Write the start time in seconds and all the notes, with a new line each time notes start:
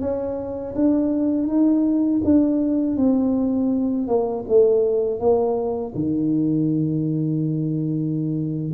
0.00 C#4
0.75 D4
1.47 D#4
2.24 D4
2.96 C4
4.07 A#3
4.48 A3
5.19 A#3
5.94 D#3